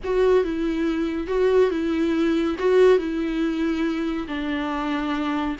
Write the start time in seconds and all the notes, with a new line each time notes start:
0.04 F#4
0.44 E4
1.27 F#4
1.70 E4
2.59 F#4
2.98 E4
4.27 D4